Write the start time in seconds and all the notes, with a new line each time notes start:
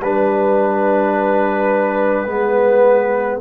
0.00 G3 D4 B4
2.26 G#3 B3